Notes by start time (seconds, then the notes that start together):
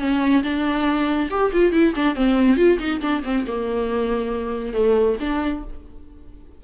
0.00 C#4
0.44 D4
1.31 G4
1.53 F4
1.72 E4
1.96 D4
2.16 C4
2.57 F4
2.79 D#4
3.01 D4
3.24 C4
3.47 A#3
4.74 A3
5.21 D4